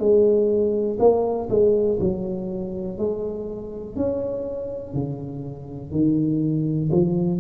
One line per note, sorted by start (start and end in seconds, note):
0.00 0.98 G#3
1.00 1.49 A#3
1.50 1.99 G#3
2.00 2.98 F#3
2.98 3.97 G#3
3.97 4.94 C#4
4.94 5.92 C#3
5.92 6.91 D#3
6.92 7.40 F3